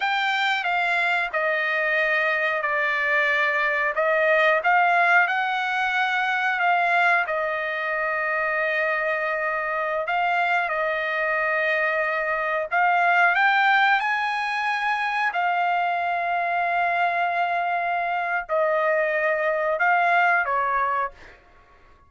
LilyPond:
\new Staff \with { instrumentName = "trumpet" } { \time 4/4 \tempo 4 = 91 g''4 f''4 dis''2 | d''2 dis''4 f''4 | fis''2 f''4 dis''4~ | dis''2.~ dis''16 f''8.~ |
f''16 dis''2. f''8.~ | f''16 g''4 gis''2 f''8.~ | f''1 | dis''2 f''4 cis''4 | }